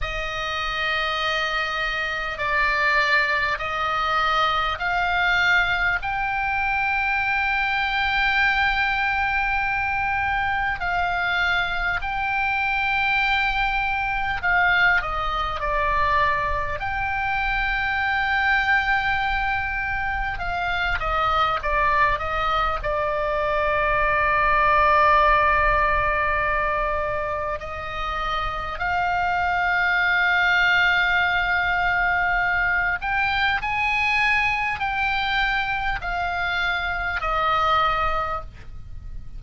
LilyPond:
\new Staff \with { instrumentName = "oboe" } { \time 4/4 \tempo 4 = 50 dis''2 d''4 dis''4 | f''4 g''2.~ | g''4 f''4 g''2 | f''8 dis''8 d''4 g''2~ |
g''4 f''8 dis''8 d''8 dis''8 d''4~ | d''2. dis''4 | f''2.~ f''8 g''8 | gis''4 g''4 f''4 dis''4 | }